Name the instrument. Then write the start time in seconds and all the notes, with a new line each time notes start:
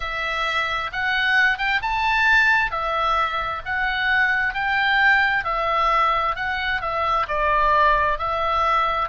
oboe
0.00 E5
0.92 F#5
1.57 G5
1.82 A5
2.71 E5
3.65 F#5
4.53 G5
5.44 E5
6.35 F#5
6.81 E5
7.27 D5
8.18 E5